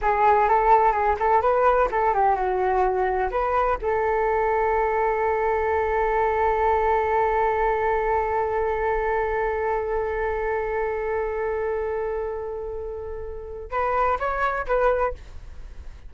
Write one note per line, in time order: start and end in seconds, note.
0.01 0.48 G#4
0.48 0.92 A4
0.92 1.15 G#4
1.19 1.41 A4
1.41 1.89 B4
1.91 2.13 A4
2.13 2.35 G4
2.35 3.30 F#4
3.30 3.78 B4
3.81 13.71 A4
13.71 14.18 B4
14.19 14.66 C#5
14.66 15.14 B4